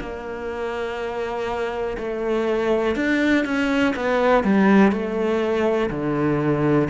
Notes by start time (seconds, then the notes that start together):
0.00 A#3
1.98 A3
2.96 D4
3.45 C#4
3.96 B3
4.44 G3
4.91 A3
5.90 D3